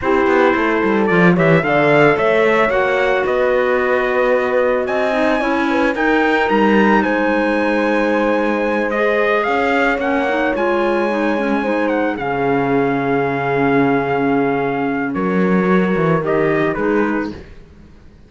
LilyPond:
<<
  \new Staff \with { instrumentName = "trumpet" } { \time 4/4 \tempo 4 = 111 c''2 d''8 e''8 f''4 | e''4 fis''4 dis''2~ | dis''4 gis''2 g''4 | ais''4 gis''2.~ |
gis''8 dis''4 f''4 fis''4 gis''8~ | gis''2 fis''8 f''4.~ | f''1 | cis''2 dis''4 b'4 | }
  \new Staff \with { instrumentName = "horn" } { \time 4/4 g'4 a'4. cis''8 d''4 | cis''2 b'2~ | b'4 dis''4 cis''8 b'8 ais'4~ | ais'4 c''2.~ |
c''4. cis''2~ cis''8~ | cis''4. c''4 gis'4.~ | gis'1 | ais'2. gis'4 | }
  \new Staff \with { instrumentName = "clarinet" } { \time 4/4 e'2 f'8 g'8 a'4~ | a'4 fis'2.~ | fis'4. dis'8 e'4 dis'4~ | dis'1~ |
dis'8 gis'2 cis'8 dis'8 f'8~ | f'8 dis'8 cis'8 dis'4 cis'4.~ | cis'1~ | cis'4 fis'4 g'4 dis'4 | }
  \new Staff \with { instrumentName = "cello" } { \time 4/4 c'8 b8 a8 g8 f8 e8 d4 | a4 ais4 b2~ | b4 c'4 cis'4 dis'4 | g4 gis2.~ |
gis4. cis'4 ais4 gis8~ | gis2~ gis8 cis4.~ | cis1 | fis4. e8 dis4 gis4 | }
>>